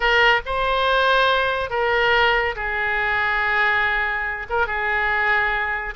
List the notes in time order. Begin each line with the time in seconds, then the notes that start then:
0.00 A#4
0.45 C5
1.70 A#4
2.55 G#4
4.49 A#4
4.66 G#4